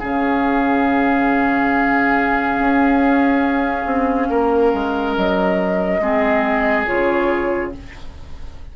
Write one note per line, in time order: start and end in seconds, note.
0.00 2.59 C#3
0.00 6.02 C#4
0.00 4.29 G#4
0.00 5.15 F5
2.59 3.86 C#4
3.86 4.29 C4
4.30 4.73 A#3
4.30 6.01 A#4
4.74 5.17 G#3
5.16 6.00 F#3
5.16 6.86 D#5
6.00 6.86 G#3
6.00 6.87 C4
6.00 7.74 G#4
6.86 7.77 C#3
6.86 7.72 F4
6.86 7.72 C#5